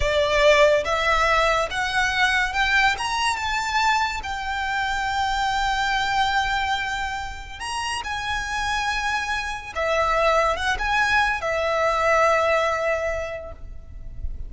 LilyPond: \new Staff \with { instrumentName = "violin" } { \time 4/4 \tempo 4 = 142 d''2 e''2 | fis''2 g''4 ais''4 | a''2 g''2~ | g''1~ |
g''2 ais''4 gis''4~ | gis''2. e''4~ | e''4 fis''8 gis''4. e''4~ | e''1 | }